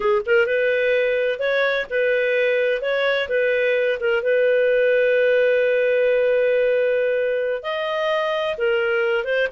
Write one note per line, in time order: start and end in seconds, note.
0.00 0.22 G#4
0.26 0.46 A#4
0.46 1.39 B4
1.39 1.86 C#5
1.90 2.81 B4
2.81 3.28 C#5
3.28 3.99 B4
4.00 4.22 A#4
4.22 7.62 B4
7.62 8.56 D#5
8.57 9.24 A#4
9.24 9.47 C5